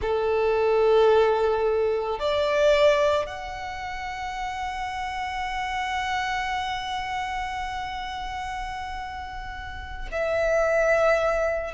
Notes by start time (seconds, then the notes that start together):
0.01 A4
2.19 D5
3.26 F#5
10.11 E5